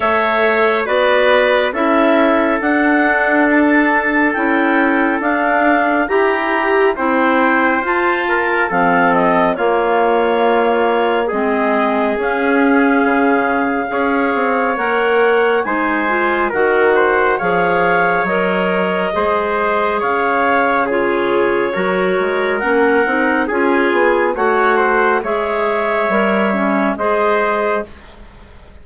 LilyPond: <<
  \new Staff \with { instrumentName = "clarinet" } { \time 4/4 \tempo 4 = 69 e''4 d''4 e''4 fis''4 | a''4 g''4 f''4 ais''4 | g''4 a''4 f''8 dis''8 cis''4~ | cis''4 dis''4 f''2~ |
f''4 fis''4 gis''4 fis''4 | f''4 dis''2 f''4 | cis''2 fis''4 gis''4 | fis''4 e''2 dis''4 | }
  \new Staff \with { instrumentName = "trumpet" } { \time 4/4 cis''4 b'4 a'2~ | a'2. g'4 | c''4. ais'8 a'4 f'4~ | f'4 gis'2. |
cis''2 c''4 ais'8 c''8 | cis''2 c''4 cis''4 | gis'4 ais'2 gis'4 | cis''8 c''8 cis''2 c''4 | }
  \new Staff \with { instrumentName = "clarinet" } { \time 4/4 a'4 fis'4 e'4 d'4~ | d'4 e'4 d'4 g'4 | e'4 f'4 c'4 ais4~ | ais4 c'4 cis'2 |
gis'4 ais'4 dis'8 f'8 fis'4 | gis'4 ais'4 gis'2 | f'4 fis'4 cis'8 dis'8 f'4 | fis'4 gis'4 ais'8 cis'8 gis'4 | }
  \new Staff \with { instrumentName = "bassoon" } { \time 4/4 a4 b4 cis'4 d'4~ | d'4 cis'4 d'4 e'4 | c'4 f'4 f4 ais4~ | ais4 gis4 cis'4 cis4 |
cis'8 c'8 ais4 gis4 dis4 | f4 fis4 gis4 cis4~ | cis4 fis8 gis8 ais8 c'8 cis'8 b8 | a4 gis4 g4 gis4 | }
>>